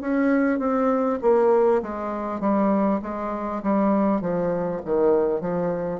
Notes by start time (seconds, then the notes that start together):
0.00 C#4
0.58 C4
1.22 A#3
1.82 G#3
2.40 G3
3.02 G#3
3.62 G3
4.21 F3
4.84 D#3
5.40 F3